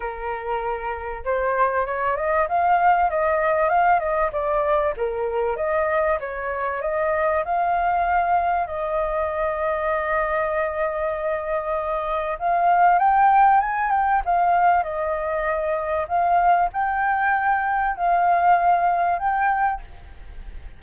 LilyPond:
\new Staff \with { instrumentName = "flute" } { \time 4/4 \tempo 4 = 97 ais'2 c''4 cis''8 dis''8 | f''4 dis''4 f''8 dis''8 d''4 | ais'4 dis''4 cis''4 dis''4 | f''2 dis''2~ |
dis''1 | f''4 g''4 gis''8 g''8 f''4 | dis''2 f''4 g''4~ | g''4 f''2 g''4 | }